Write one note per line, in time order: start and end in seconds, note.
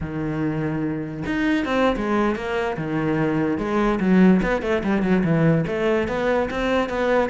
0.00 1.24 D#3
1.26 1.65 D#4
1.65 1.95 C4
1.96 2.35 G#3
2.35 2.76 A#3
2.77 3.58 D#3
3.58 3.99 G#3
4.00 4.41 F#3
4.42 4.62 B3
4.62 4.82 A3
4.83 5.02 G3
5.02 5.23 F#3
5.23 5.65 E3
5.67 6.07 A3
6.07 6.49 B3
6.50 6.89 C4
6.89 7.29 B3